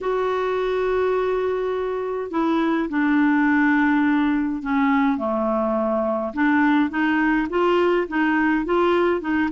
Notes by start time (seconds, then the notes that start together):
0.00 F#4
2.31 E4
2.89 D4
4.62 C#4
5.17 A3
6.33 D4
6.90 D#4
7.49 F4
8.07 D#4
8.65 F4
9.20 D#4